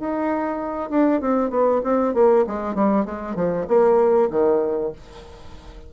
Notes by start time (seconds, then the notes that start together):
0.00 D#4
0.91 D4
1.21 C4
1.51 B3
1.84 C4
2.15 A#3
2.47 G#3
2.75 G3
3.06 G#3
3.36 F3
3.68 A#3
4.31 D#3